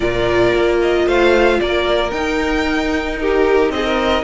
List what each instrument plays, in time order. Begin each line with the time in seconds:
0.00 cello A#2, viola F4, violin A#4 D5
0.54 cello A#3
0.81 violin D#5
1.06 cello A3, violin C5 F5
1.60 cello A#3, violin A#4 D5
2.10 cello D#4, viola D#4, violin G5
3.19 violin G4 A#4
3.69 cello C4, violin G#4 D#5
3.84 violin A#4